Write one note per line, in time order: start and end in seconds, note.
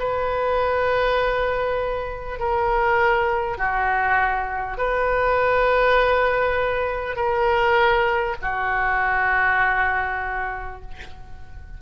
0.00 2.39 B4
2.39 3.58 A#4
3.58 4.78 F#4
4.78 7.16 B4
7.16 8.36 A#4
8.42 10.82 F#4